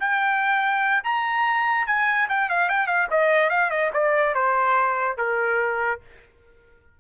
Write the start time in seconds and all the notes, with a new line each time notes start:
0.00 G5
1.04 A#5
1.87 G#5
2.29 G5
2.50 F5
2.69 G5
2.87 F5
3.11 D#5
3.50 F5
3.71 D#5
3.93 D5
4.35 C5
5.18 A#4